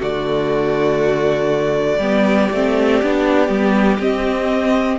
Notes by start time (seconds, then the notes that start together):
0.00 D3 A3 F#4 D5
1.98 G3 B3 G4
2.52 A3 C4
3.03 B3 D4
3.48 G3 B3
4.00 C4 D#5